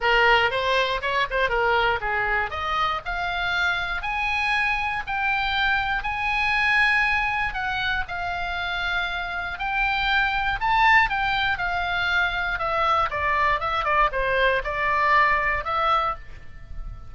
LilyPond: \new Staff \with { instrumentName = "oboe" } { \time 4/4 \tempo 4 = 119 ais'4 c''4 cis''8 c''8 ais'4 | gis'4 dis''4 f''2 | gis''2 g''2 | gis''2. fis''4 |
f''2. g''4~ | g''4 a''4 g''4 f''4~ | f''4 e''4 d''4 e''8 d''8 | c''4 d''2 e''4 | }